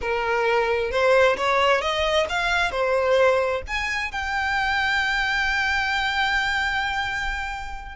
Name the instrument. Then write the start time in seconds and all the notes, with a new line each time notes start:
violin
0.01 A#4
0.91 C5
1.36 C#5
1.81 D#5
2.29 F5
2.71 C5
3.67 G#5
4.11 G5